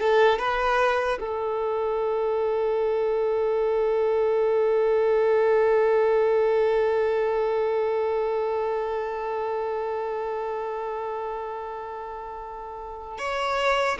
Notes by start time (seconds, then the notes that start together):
0.00 A4
0.38 B4
1.20 A4
13.18 C#5